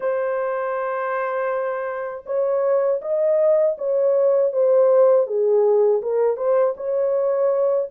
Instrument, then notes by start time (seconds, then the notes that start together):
horn
0.00 C5
2.25 C#5
3.01 D#5
3.77 C#5
4.52 C5
5.26 G#4
6.01 A#4
6.36 C5
6.77 C#5